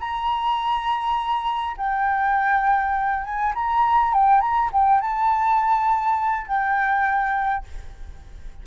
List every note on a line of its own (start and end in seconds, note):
0.00 1.76 A#5
1.77 3.24 G5
3.24 3.53 G#5
3.55 4.14 A#5
4.14 4.41 G5
4.41 4.70 A#5
4.72 5.01 G5
5.01 6.47 A5
6.47 7.65 G5